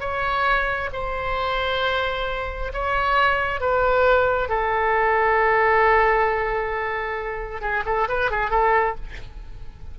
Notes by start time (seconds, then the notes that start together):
0.00 C#5
0.93 C5
2.73 C#5
3.60 B4
4.49 A4
7.61 G#4
7.85 A4
8.08 B4
8.31 G#4
8.50 A4